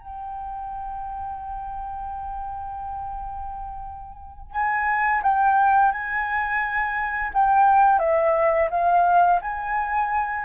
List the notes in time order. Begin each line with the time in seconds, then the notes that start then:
0.00 G5
4.52 G#5
5.23 G5
5.92 G#5
7.34 G5
7.99 E5
8.71 F5
9.42 G#5